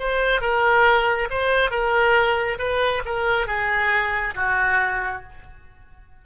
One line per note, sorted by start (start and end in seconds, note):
0.00 0.41 C5
0.41 1.29 A#4
1.31 1.71 C5
1.71 2.59 A#4
2.59 3.03 B4
3.06 3.47 A#4
3.47 4.35 G#4
4.36 5.23 F#4